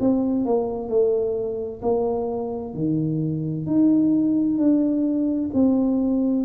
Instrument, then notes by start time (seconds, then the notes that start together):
tuba
0.00 C4
0.45 A#3
0.89 A3
1.82 A#3
2.74 D#3
3.67 D#4
4.58 D4
5.54 C4